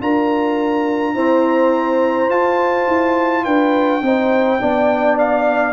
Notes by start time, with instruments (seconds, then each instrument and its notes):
0.00 tuba D4, trombone F4, horn A#4, trumpet A#5
1.14 trombone C4, tuba E4, horn C5
2.29 tuba F4, trombone F4, trumpet A5
2.88 tuba E4
3.44 tuba D4, horn B4, trumpet G5
4.01 tuba C4, trombone D#4, horn C5
4.60 tuba B3, trombone D4, horn D5
5.18 trumpet F5